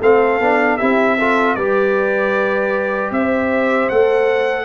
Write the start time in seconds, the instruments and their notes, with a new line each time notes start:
0.00 tuba A3, trombone C4, horn A4, trumpet F5
0.40 tuba B3, trombone D4
0.77 tuba C4, trombone E4, horn G4, trumpet E5
1.18 trombone F4, horn A4
1.55 tuba G3, trombone G4, horn B4, trumpet D5
3.11 tuba C4, trumpet E5
3.17 horn C5
3.89 tuba A3, trombone A4, trumpet F#5